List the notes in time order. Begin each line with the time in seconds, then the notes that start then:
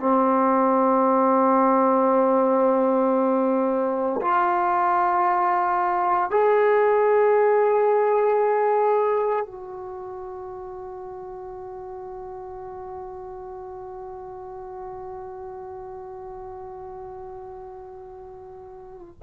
0.00 C4
4.22 F4
6.31 G#4
9.47 F#4